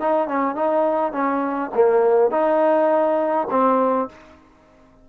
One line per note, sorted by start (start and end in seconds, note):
0.00 0.28 D#4
0.28 0.55 C#4
0.55 1.13 D#4
1.13 1.71 C#4
1.74 2.31 A#3
2.31 3.47 D#4
3.51 4.09 C4